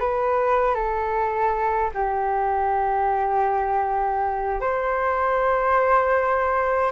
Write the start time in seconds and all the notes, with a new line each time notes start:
0.00 B4
0.75 A4
1.94 G4
4.61 C5